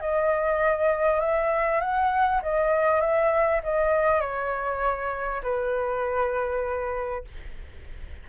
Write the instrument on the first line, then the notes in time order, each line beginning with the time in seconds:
flute
0.00 D#5
1.20 E5
1.80 F#5
2.42 D#5
3.01 E5
3.63 D#5
4.21 C#5
5.43 B4